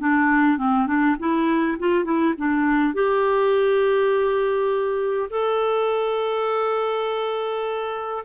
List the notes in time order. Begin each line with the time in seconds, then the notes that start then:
0.00 D4
0.58 C4
0.87 D4
1.20 E4
1.79 F4
2.05 E4
2.38 D4
2.94 G4
5.30 A4